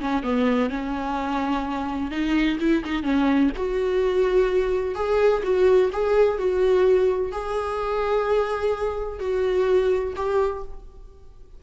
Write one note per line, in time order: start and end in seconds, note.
0.00 0.23 C#4
0.23 0.70 B3
0.70 2.11 C#4
2.11 2.58 D#4
2.60 2.84 E4
2.85 3.03 D#4
3.03 3.50 C#4
3.56 4.95 F#4
4.95 5.42 G#4
5.44 5.91 F#4
5.93 6.38 G#4
6.38 7.32 F#4
7.32 9.19 G#4
9.19 10.14 F#4
10.16 10.63 G4